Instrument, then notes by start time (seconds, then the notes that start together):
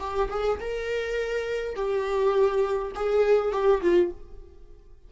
viola
0.00 G4
0.30 G#4
0.60 A#4
1.76 G4
2.95 G#4
3.52 G4
3.82 F4